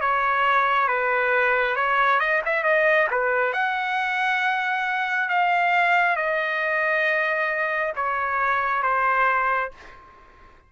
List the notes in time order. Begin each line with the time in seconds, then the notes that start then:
0.00 C#5
0.87 B4
1.76 C#5
2.19 D#5
2.45 E5
2.63 D#5
3.10 B4
3.53 F#5
5.29 F5
6.16 D#5
7.95 C#5
8.82 C5